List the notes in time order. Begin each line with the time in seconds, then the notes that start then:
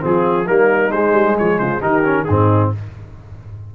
0.00 F3 C4 F4 G#4
0.46 G3 A#3 D#4 A#4
0.91 G#3 C5
1.12 G3
1.36 F3 G#4 C#5
1.58 C#3 F4 C5
1.79 D#3 D#4 G4 A#4
2.04 C#4
2.24 G#2 C4 D#4 G#4